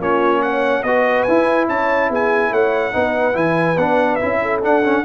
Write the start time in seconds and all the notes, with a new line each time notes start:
0.00 A#3 C#4 F4 C#5
0.42 C#5 F#5
0.83 B3 F#4 B4 D#5
1.23 E4 G#5
1.68 C#4 C#5 A5
2.09 B3 G#4 G#5
2.51 A3 C#5 F#5
2.92 B3 D#4 B4
3.33 E3 E4 G#5
3.76 B3 D4 F#5
4.15 E4 E5
4.23 C#4
4.42 A4
4.62 D4 F#5
4.83 C#4